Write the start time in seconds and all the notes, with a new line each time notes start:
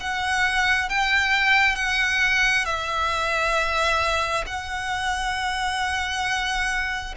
0.00 F#5
0.89 G5
1.76 F#5
2.65 E5
4.46 F#5